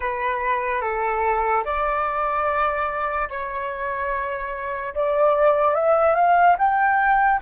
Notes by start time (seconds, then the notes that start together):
0.00 B4
0.81 A4
1.64 D5
3.29 C#5
4.94 D5
5.74 E5
6.15 F5
6.58 G5